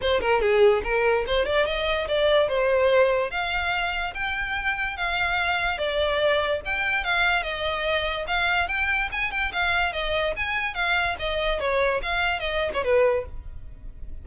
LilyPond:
\new Staff \with { instrumentName = "violin" } { \time 4/4 \tempo 4 = 145 c''8 ais'8 gis'4 ais'4 c''8 d''8 | dis''4 d''4 c''2 | f''2 g''2 | f''2 d''2 |
g''4 f''4 dis''2 | f''4 g''4 gis''8 g''8 f''4 | dis''4 gis''4 f''4 dis''4 | cis''4 f''4 dis''8. cis''16 b'4 | }